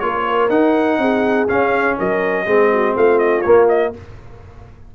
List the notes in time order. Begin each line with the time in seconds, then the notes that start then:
0.00 A#3 F4 A#4 C#5
0.50 D#4 F#5
0.98 C4 G#4
1.48 C#4 F5
1.98 F#3 A#4 D#5
2.46 G#3 C4 G#4
2.73 F#4
2.95 A3 F4 F5
3.19 D#5
3.42 A#3 C#5
3.69 D#5